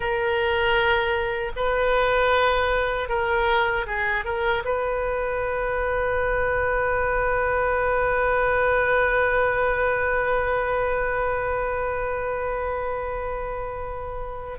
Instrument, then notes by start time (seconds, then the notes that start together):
oboe
0.00 A#4
1.56 B4
3.08 A#4
3.86 G#4
4.24 A#4
4.64 B4